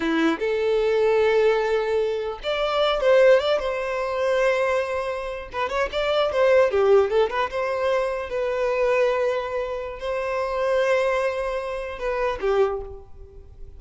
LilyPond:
\new Staff \with { instrumentName = "violin" } { \time 4/4 \tempo 4 = 150 e'4 a'2.~ | a'2 d''4. c''8~ | c''8 d''8 c''2.~ | c''4.~ c''16 b'8 cis''8 d''4 c''16~ |
c''8. g'4 a'8 b'8 c''4~ c''16~ | c''8. b'2.~ b'16~ | b'4 c''2.~ | c''2 b'4 g'4 | }